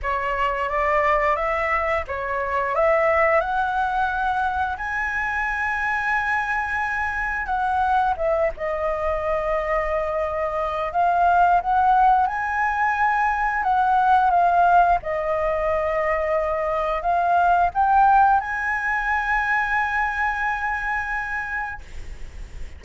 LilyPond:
\new Staff \with { instrumentName = "flute" } { \time 4/4 \tempo 4 = 88 cis''4 d''4 e''4 cis''4 | e''4 fis''2 gis''4~ | gis''2. fis''4 | e''8 dis''2.~ dis''8 |
f''4 fis''4 gis''2 | fis''4 f''4 dis''2~ | dis''4 f''4 g''4 gis''4~ | gis''1 | }